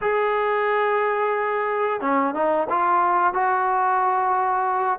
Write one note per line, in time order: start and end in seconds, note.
0.01 2.01 G#4
2.01 2.34 C#4
2.34 2.67 D#4
2.69 3.33 F4
3.33 4.99 F#4